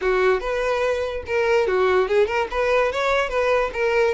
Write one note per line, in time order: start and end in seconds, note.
0.01 0.40 F#4
0.40 1.23 B4
1.26 1.67 A#4
1.67 2.08 F#4
2.08 2.26 G#4
2.26 2.47 A#4
2.50 2.92 B4
2.92 3.29 C#5
3.29 3.70 B4
3.73 4.14 A#4